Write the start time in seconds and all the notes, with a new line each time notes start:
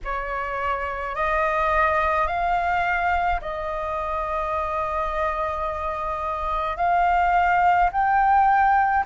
0.04 C#5
1.15 D#5
2.27 F5
3.41 D#5
6.76 F5
7.91 G5